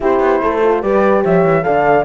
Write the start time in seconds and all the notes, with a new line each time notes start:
0.00 C4 E4 G4 C5
0.19 B3
0.42 A3 A4
0.63 F4
0.81 G3 G4 B4 D5
1.22 F3 C#5 E5
1.44 E3
1.62 D3 A4 D5 F5